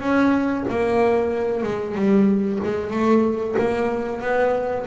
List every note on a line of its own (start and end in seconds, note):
0.00 0.65 C#4
0.69 1.63 A#3
1.63 1.95 G#3
1.95 2.59 G3
2.64 2.91 G#3
2.91 3.55 A3
3.58 4.21 A#3
4.21 4.86 B3